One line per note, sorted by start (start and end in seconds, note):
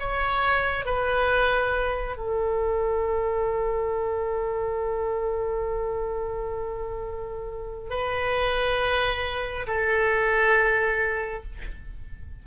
0.00 0.85 C#5
0.85 2.17 B4
2.17 7.90 A4
7.90 9.67 B4
9.67 11.43 A4